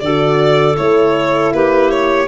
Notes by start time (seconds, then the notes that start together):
0.00 D3 F#4 A4 D5
0.76 A3 E4 C#5
1.52 A#3 G4 B4
1.91 C#5